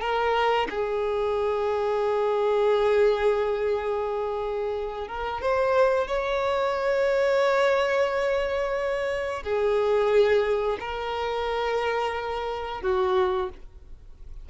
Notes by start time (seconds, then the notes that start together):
0.00 A#4
0.69 G#4
5.07 A#4
5.41 C5
6.07 C#5
9.43 G#4
10.79 A#4
12.82 F#4